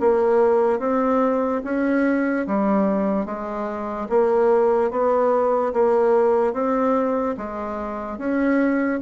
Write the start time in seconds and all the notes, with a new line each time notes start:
0.00 A#3
0.80 C4
1.64 C#4
2.47 G3
3.26 G#3
4.09 A#3
4.91 B3
5.73 A#3
6.53 C4
7.37 G#3
8.18 C#4